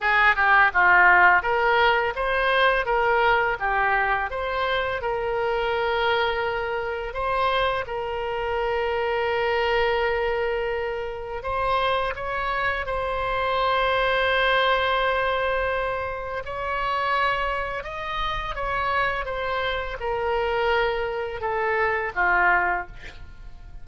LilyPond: \new Staff \with { instrumentName = "oboe" } { \time 4/4 \tempo 4 = 84 gis'8 g'8 f'4 ais'4 c''4 | ais'4 g'4 c''4 ais'4~ | ais'2 c''4 ais'4~ | ais'1 |
c''4 cis''4 c''2~ | c''2. cis''4~ | cis''4 dis''4 cis''4 c''4 | ais'2 a'4 f'4 | }